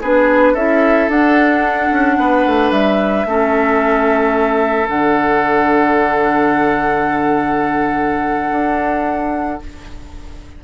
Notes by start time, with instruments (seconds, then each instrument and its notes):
0.00 bassoon B3, clarinet D4, oboe G#4, flute B4
0.53 bassoon C#4, clarinet E4, oboe A4, flute E5
1.08 bassoon D4, clarinet D4, flute F#5
1.90 bassoon C#4
2.17 bassoon B3, oboe B4
2.45 bassoon A3
2.71 bassoon G3, flute E5
3.25 bassoon A3, clarinet C#4, oboe A4
4.86 bassoon D3, clarinet D4, flute F#5
8.51 bassoon D4